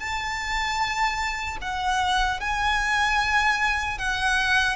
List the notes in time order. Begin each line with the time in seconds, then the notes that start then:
0.00 A5
1.62 F#5
2.41 G#5
3.99 F#5